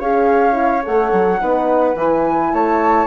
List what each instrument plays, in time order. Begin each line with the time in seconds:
0.00 bassoon C#4, horn G#4, flute C#5 F5
0.53 horn E4
0.84 bassoon A3, horn A4, flute F#5
1.12 bassoon F#3
1.40 bassoon B3, horn D#4, flute B4
1.95 bassoon E3, horn E4, flute G#5
2.53 bassoon A3, flute C#5 A5